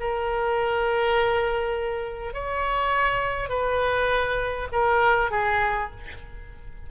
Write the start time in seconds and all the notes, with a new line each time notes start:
0.00 A#4
2.34 C#5
3.49 B4
4.72 A#4
5.31 G#4